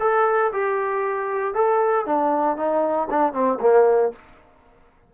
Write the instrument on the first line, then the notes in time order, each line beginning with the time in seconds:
trombone
0.00 A4
0.52 G4
1.54 A4
2.06 D4
2.57 D#4
3.10 D4
3.33 C4
3.60 A#3